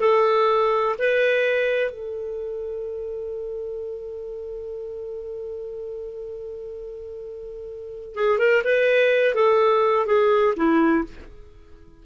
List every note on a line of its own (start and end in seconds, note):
0.00 0.96 A4
0.99 1.90 B4
1.90 8.14 A4
8.15 8.39 G#4
8.39 8.63 A#4
8.64 9.35 B4
9.35 10.06 A4
10.06 10.54 G#4
10.56 11.04 E4